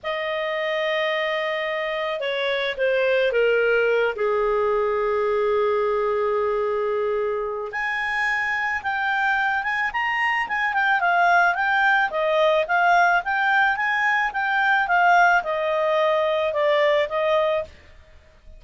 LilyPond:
\new Staff \with { instrumentName = "clarinet" } { \time 4/4 \tempo 4 = 109 dis''1 | cis''4 c''4 ais'4. gis'8~ | gis'1~ | gis'2 gis''2 |
g''4. gis''8 ais''4 gis''8 g''8 | f''4 g''4 dis''4 f''4 | g''4 gis''4 g''4 f''4 | dis''2 d''4 dis''4 | }